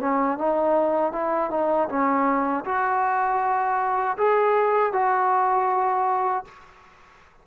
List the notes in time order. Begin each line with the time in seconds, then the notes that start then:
0.00 C#4
0.38 D#4
1.13 E4
1.51 D#4
1.89 C#4
2.65 F#4
4.17 G#4
4.93 F#4